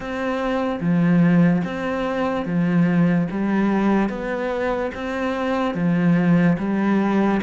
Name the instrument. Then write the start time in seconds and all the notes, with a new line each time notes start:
cello
0.00 C4
0.80 F3
1.64 C4
2.45 F3
3.31 G3
4.09 B3
4.94 C4
5.74 F3
6.58 G3